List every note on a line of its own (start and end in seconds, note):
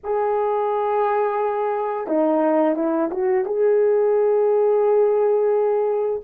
0.03 2.07 G#4
2.07 2.75 D#4
2.75 3.10 E4
3.10 3.45 F#4
3.45 6.21 G#4